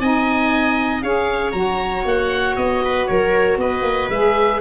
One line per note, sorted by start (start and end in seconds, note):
0.00 1.03 C4
0.00 1.03 D#4
0.00 1.03 D#5
0.00 1.02 G#5
1.02 1.53 C#4
1.02 1.53 G#4
1.02 2.83 C#5
1.02 1.52 F5
1.52 2.05 F#3
1.52 4.10 F#4
1.52 2.03 A#5
2.05 2.56 A#3
2.05 2.56 F#5
2.56 3.08 B3
2.56 3.06 D#5
2.85 3.09 B4
3.06 3.57 F#3
3.06 3.60 A#4
3.06 3.58 C#5
3.57 3.82 B3
3.57 4.61 B4
3.57 4.10 D#5
3.82 4.08 A#3
4.10 4.61 G#3
4.10 4.61 G#4
4.10 4.61 E5